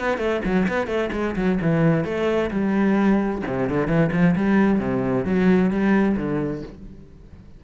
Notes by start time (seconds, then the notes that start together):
0.00 B3
0.18 A3
0.45 F#3
0.68 B3
0.87 A3
1.13 G#3
1.36 F#3
1.62 E3
2.05 A3
2.51 G3
3.47 C3
3.70 D3
3.88 E3
4.13 F3
4.36 G3
4.80 C3
5.25 F#3
5.71 G3
6.17 D3